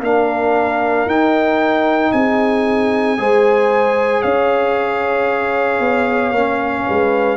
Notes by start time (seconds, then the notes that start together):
0.00 A#3 D4 A#4 F5
1.06 D#4 G5
2.12 C4 G#4 G#5
3.18 G#3 G#4 C5
4.22 C#4 C#5 F5
5.80 B3
6.32 A#3 C#4
6.87 G#3 B4